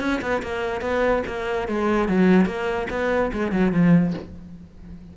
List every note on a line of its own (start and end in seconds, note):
0.00 0.21 C#4
0.21 0.42 B3
0.43 0.81 A#3
0.81 1.23 B3
1.27 1.68 A#3
1.68 2.08 G#3
2.08 2.46 F#3
2.46 2.87 A#3
2.90 3.31 B3
3.33 3.52 G#3
3.52 3.72 F#3
3.72 4.14 F3